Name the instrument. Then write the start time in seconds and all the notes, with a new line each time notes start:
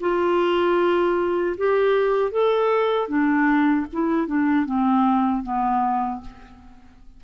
clarinet
0.00 F4
1.57 G4
2.31 A4
3.08 D4
3.92 E4
4.27 D4
4.65 C4
5.43 B3